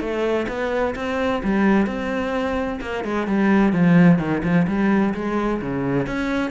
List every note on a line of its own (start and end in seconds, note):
0.00 0.47 A3
0.48 0.94 B3
0.95 1.42 C4
1.43 1.86 G3
1.86 2.79 C4
2.81 3.04 A#3
3.04 3.27 G#3
3.27 3.72 G3
3.72 4.18 F3
4.18 4.42 D#3
4.43 4.66 F3
4.67 5.14 G3
5.14 5.60 G#3
5.61 6.06 C#3
6.06 6.50 C#4